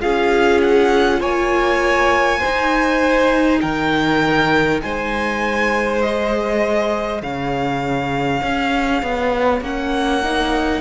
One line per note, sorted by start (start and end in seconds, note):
0.00 1.22 C#4
0.00 2.40 F4
0.00 1.20 G#4
0.00 0.60 F5
0.62 1.22 F#5
1.20 2.42 A#3
1.20 2.39 C#5
1.20 3.60 G#5
2.39 6.03 D#4
2.39 3.59 C5
2.46 3.62 D#4
3.60 4.83 D#3
3.60 4.81 A#4
3.60 4.80 G5
4.82 7.22 G#3
4.82 7.23 C5
4.82 6.01 G#5
6.01 9.62 G#4
6.01 7.21 D#5
7.22 8.42 C#3
7.22 10.80 C#5
7.22 9.62 F5
8.43 9.02 C#4
9.02 9.61 B3
9.61 10.80 A#3
9.61 10.22 C#4
9.61 10.80 F#5
10.23 10.80 D#4